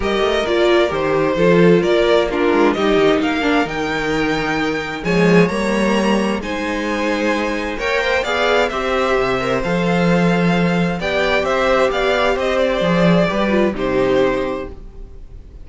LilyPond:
<<
  \new Staff \with { instrumentName = "violin" } { \time 4/4 \tempo 4 = 131 dis''4 d''4 c''2 | d''4 ais'4 dis''4 f''4 | g''2. gis''4 | ais''2 gis''2~ |
gis''4 g''4 f''4 e''4~ | e''4 f''2. | g''4 e''4 f''4 dis''8 d''8~ | d''2 c''2 | }
  \new Staff \with { instrumentName = "violin" } { \time 4/4 ais'2. a'4 | ais'4 f'4 g'4 ais'4~ | ais'2. cis''4~ | cis''2 c''2~ |
c''4 cis''8 c''8 d''4 c''4~ | c''1 | d''4 c''4 d''4 c''4~ | c''4 b'4 g'2 | }
  \new Staff \with { instrumentName = "viola" } { \time 4/4 g'4 f'4 g'4 f'4~ | f'4 d'4 dis'4. d'8 | dis'2. gis4 | ais2 dis'2~ |
dis'4 ais'4 gis'4 g'4~ | g'8 ais'8 a'2. | g'1 | gis'4 g'8 f'8 dis'2 | }
  \new Staff \with { instrumentName = "cello" } { \time 4/4 g8 a8 ais4 dis4 f4 | ais4. gis8 g8 dis8 ais4 | dis2. f4 | g2 gis2~ |
gis4 ais4 b4 c'4 | c4 f2. | b4 c'4 b4 c'4 | f4 g4 c2 | }
>>